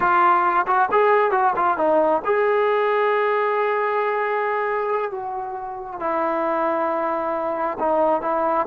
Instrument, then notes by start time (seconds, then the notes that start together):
trombone
0.00 F4
0.66 F#4
0.91 G#4
1.31 F#4
1.56 F4
1.77 D#4
2.24 G#4
5.11 F#4
6.00 E4
7.79 D#4
8.21 E4